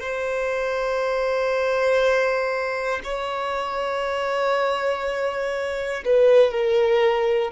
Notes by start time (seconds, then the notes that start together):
0.00 C5
3.04 C#5
6.05 B4
6.51 A#4